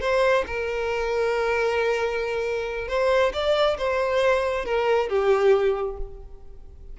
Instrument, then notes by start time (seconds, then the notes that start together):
violin
0.00 C5
0.47 A#4
2.88 C5
3.33 D5
3.78 C5
4.65 A#4
5.09 G4